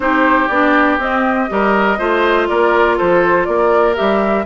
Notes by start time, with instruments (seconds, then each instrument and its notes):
0.00 bassoon C4, clarinet D#4, oboe G4, flute C5
0.48 bassoon B3, clarinet D4, flute D5
0.98 bassoon C4, clarinet C4, flute D#5
1.48 bassoon G3, clarinet G4, oboe A#4
1.98 bassoon A3, clarinet F4, oboe C5
2.48 bassoon A#3, oboe A#4, flute D5
2.97 bassoon F3, oboe A4, flute C5
3.44 bassoon A#3, oboe A#4, flute D5
3.95 bassoon G3, clarinet G4, flute E5